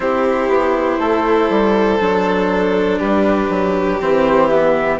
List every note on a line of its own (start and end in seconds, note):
0.00 0.48 C4
0.00 1.99 E4
0.00 0.99 G4
0.00 2.99 C5
0.48 0.98 B3
0.99 1.49 A3
0.99 2.99 A4
1.49 1.99 G3
2.00 3.00 F#3
2.00 4.00 D4
2.99 3.49 G3
2.99 4.99 G4
2.99 3.99 B4
3.49 3.99 F#3
4.00 4.99 E3
4.00 4.50 C4
4.00 4.48 C5
4.48 4.99 B3
4.48 4.98 E5